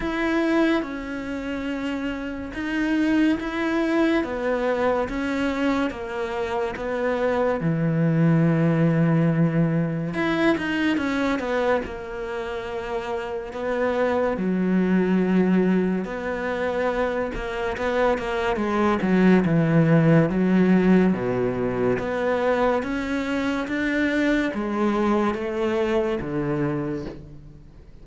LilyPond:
\new Staff \with { instrumentName = "cello" } { \time 4/4 \tempo 4 = 71 e'4 cis'2 dis'4 | e'4 b4 cis'4 ais4 | b4 e2. | e'8 dis'8 cis'8 b8 ais2 |
b4 fis2 b4~ | b8 ais8 b8 ais8 gis8 fis8 e4 | fis4 b,4 b4 cis'4 | d'4 gis4 a4 d4 | }